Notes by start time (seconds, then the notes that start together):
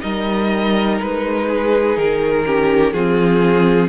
0.00 G3 D#4 A#4 D#5
1.00 G#3 B4
1.47 G#4
1.97 D#3 A#4
2.45 C#4 G4
2.93 F3 C4 F4 G#4